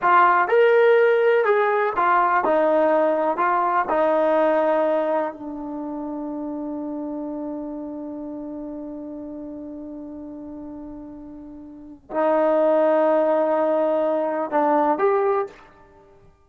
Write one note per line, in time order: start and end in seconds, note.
0.02 0.48 F4
0.48 1.44 A#4
1.45 1.93 G#4
1.96 2.44 F4
2.44 3.37 D#4
3.37 3.85 F4
3.89 5.33 D#4
5.33 12.10 D4
12.10 14.50 D#4
14.50 14.98 D4
14.98 15.46 G4